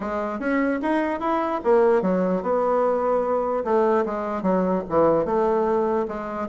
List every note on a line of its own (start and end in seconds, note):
0.00 0.39 G#3
0.39 0.80 C#4
0.82 1.20 D#4
1.20 1.60 E4
1.64 2.02 A#3
2.02 2.42 F#3
2.42 3.64 B3
3.64 4.04 A3
4.05 4.42 G#3
4.42 4.83 F#3
4.89 5.25 E3
5.25 6.06 A3
6.08 6.48 G#3